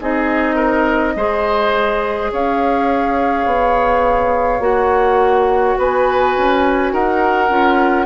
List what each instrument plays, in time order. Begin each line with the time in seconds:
0.00 bassoon C4, clarinet D#4, oboe G#4, flute D#5
0.55 oboe A#4
1.16 bassoon G#3, clarinet G#4, oboe C5
2.31 bassoon C#4, oboe C#5, flute F5
3.45 bassoon B3
4.60 bassoon A#3, clarinet F#4, flute F#5
5.78 bassoon B3, oboe B4, flute G#5
6.37 bassoon C#4
6.92 bassoon D#4, oboe A#4, flute F#5
7.49 bassoon C#4, clarinet F4